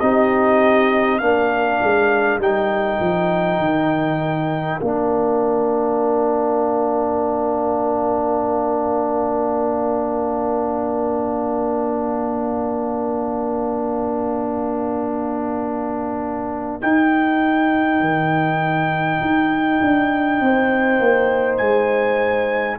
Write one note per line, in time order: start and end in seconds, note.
0.00 1.21 C4
0.00 1.20 D#4
0.00 1.21 G4
0.00 1.18 D#5
1.18 1.81 A#3
1.18 2.40 D4
1.18 20.42 A#4
1.18 2.38 F5
1.82 2.38 G#3
2.38 2.98 G3
2.38 4.80 D#4
2.38 4.80 G5
3.00 3.58 F3
3.58 4.79 D#3
4.80 16.81 A#3
4.80 16.81 D4
4.80 16.80 F5
16.81 22.79 D#4
16.81 18.00 D#4
16.81 21.57 G5
18.00 19.20 D#3
19.21 19.81 D#4
19.81 20.40 D4
20.40 21.00 C4
20.40 22.79 C5
21.00 21.59 A#3
21.57 22.79 G#3
21.57 22.77 G#5